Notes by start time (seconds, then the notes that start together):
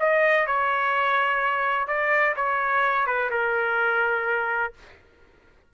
0.00 D#5
0.47 C#5
1.88 D5
2.37 C#5
3.07 B4
3.31 A#4